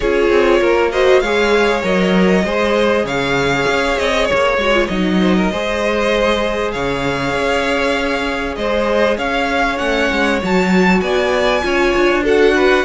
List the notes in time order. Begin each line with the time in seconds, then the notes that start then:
0.00 C#4 F4 G#4 C#5
0.30 C4
0.60 A#3 A#4
0.91 F#4 C5 D#5
1.20 G#3 G#4 C#5 F5
1.83 F#3 A#4 D#5
2.45 G#3 G#4 C5
3.03 C#3 C#5 F5
3.67 C#4
3.98 C4 D#5
4.25 C#5
4.32 A#3
4.57 G#3 F#4
4.73 F4
4.87 F#3 D#4 D#5
5.20 C5
5.36 A#4
5.51 G#3 G#4 C5
6.71 C#3 C#5 F5
7.34 C#4
8.55 G#3 C5 D#5
9.17 C#4 C#5 F5
9.77 A3 C#4 F#5
10.11 G#3
10.43 F#3 F#4 A5
11.00 B3 D5 G#5
11.62 C#4 F4 C#5
11.96 D4
12.23 F#4 A4 F#5
12.54 B4